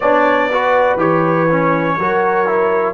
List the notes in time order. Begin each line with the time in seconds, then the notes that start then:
0.00 B3 D4 C#5 D5
0.50 F#4 B4
0.95 E3 G4 C#5
1.50 C#4
1.97 F#3 F#4 A#4
2.46 E4